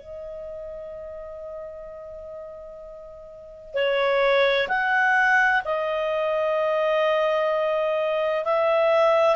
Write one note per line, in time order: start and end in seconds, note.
0.00 3.74 D#5
3.74 4.68 C#5
4.68 5.62 F#5
5.65 8.45 D#5
8.45 9.36 E5